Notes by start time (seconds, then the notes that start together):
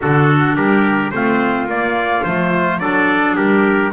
0.01 D3 D4 F#4 A4
0.56 G3 G4 A#4
1.11 A3 C4 F4 C5
1.66 A#3 D5
2.23 F3 A3 C5
2.79 F#3 D4 A4 D5
3.36 G3 G4 A#4